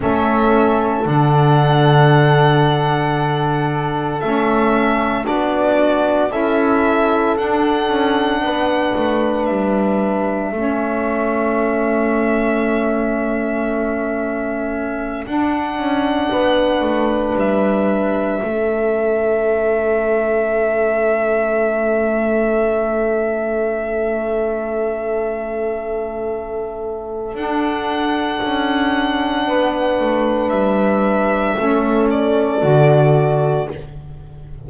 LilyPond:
<<
  \new Staff \with { instrumentName = "violin" } { \time 4/4 \tempo 4 = 57 e''4 fis''2. | e''4 d''4 e''4 fis''4~ | fis''4 e''2.~ | e''2~ e''8 fis''4.~ |
fis''8 e''2.~ e''8~ | e''1~ | e''2 fis''2~ | fis''4 e''4. d''4. | }
  \new Staff \with { instrumentName = "horn" } { \time 4/4 a'1~ | a'4 fis'4 a'2 | b'2 a'2~ | a'2.~ a'8 b'8~ |
b'4. a'2~ a'8~ | a'1~ | a'1 | b'2 a'2 | }
  \new Staff \with { instrumentName = "saxophone" } { \time 4/4 cis'4 d'2. | cis'4 d'4 e'4 d'4~ | d'2 cis'2~ | cis'2~ cis'8 d'4.~ |
d'4. cis'2~ cis'8~ | cis'1~ | cis'2 d'2~ | d'2 cis'4 fis'4 | }
  \new Staff \with { instrumentName = "double bass" } { \time 4/4 a4 d2. | a4 b4 cis'4 d'8 cis'8 | b8 a8 g4 a2~ | a2~ a8 d'8 cis'8 b8 |
a8 g4 a2~ a8~ | a1~ | a2 d'4 cis'4 | b8 a8 g4 a4 d4 | }
>>